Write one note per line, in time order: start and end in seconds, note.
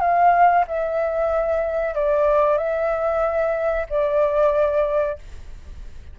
0.00 0.65 F5
0.67 1.94 E5
1.94 2.57 D5
2.57 3.86 E5
3.89 5.18 D5